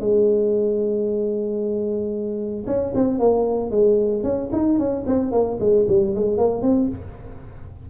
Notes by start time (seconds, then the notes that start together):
0.00 G#3
2.67 C#4
2.95 C4
3.20 A#3
3.71 G#3
4.24 C#4
4.53 D#4
4.79 C#4
5.07 C4
5.32 A#3
5.60 G#3
5.89 G3
6.15 G#3
6.38 A#3
6.63 C4